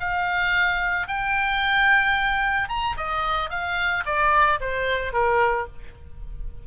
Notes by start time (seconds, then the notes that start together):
0.00 F5
1.08 G5
2.69 A#5
2.97 D#5
3.50 F5
4.05 D5
4.60 C5
5.13 A#4